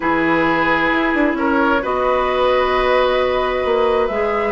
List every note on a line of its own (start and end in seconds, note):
0.00 0.91 E3
0.00 1.80 E4
0.00 1.37 G#4
0.00 1.34 B4
0.91 1.13 E4
1.13 1.34 D4
1.34 1.79 C#4
1.34 1.82 A#4
1.34 1.84 C#5
1.82 3.64 B3
1.82 4.10 F#4
1.82 4.52 B4
1.82 4.07 D#5
3.64 4.09 A#3
4.07 4.52 G#3
4.07 4.52 G#4
4.07 4.52 E5